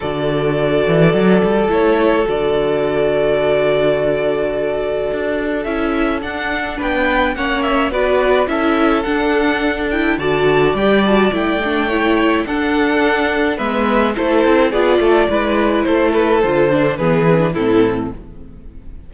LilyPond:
<<
  \new Staff \with { instrumentName = "violin" } { \time 4/4 \tempo 4 = 106 d''2. cis''4 | d''1~ | d''2 e''4 fis''4 | g''4 fis''8 e''8 d''4 e''4 |
fis''4. g''8 a''4 g''8 a''8 | g''2 fis''2 | e''4 c''4 d''2 | c''8 b'8 c''4 b'4 a'4 | }
  \new Staff \with { instrumentName = "violin" } { \time 4/4 a'1~ | a'1~ | a'1 | b'4 cis''4 b'4 a'4~ |
a'2 d''2~ | d''4 cis''4 a'2 | b'4 a'4 gis'8 a'8 b'4 | a'2 gis'4 e'4 | }
  \new Staff \with { instrumentName = "viola" } { \time 4/4 fis'2. e'4 | fis'1~ | fis'2 e'4 d'4~ | d'4 cis'4 fis'4 e'4 |
d'4. e'8 fis'4 g'8 fis'8 | e'8 d'8 e'4 d'2 | b4 e'4 f'4 e'4~ | e'4 f'8 d'8 b8 c'16 d'16 c'4 | }
  \new Staff \with { instrumentName = "cello" } { \time 4/4 d4. e8 fis8 g8 a4 | d1~ | d4 d'4 cis'4 d'4 | b4 ais4 b4 cis'4 |
d'2 d4 g4 | a2 d'2 | gis4 a8 c'8 b8 a8 gis4 | a4 d4 e4 a,4 | }
>>